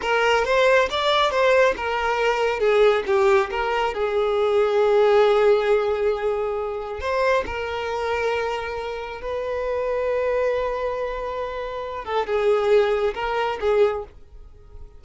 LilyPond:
\new Staff \with { instrumentName = "violin" } { \time 4/4 \tempo 4 = 137 ais'4 c''4 d''4 c''4 | ais'2 gis'4 g'4 | ais'4 gis'2.~ | gis'1 |
c''4 ais'2.~ | ais'4 b'2.~ | b'2.~ b'8 a'8 | gis'2 ais'4 gis'4 | }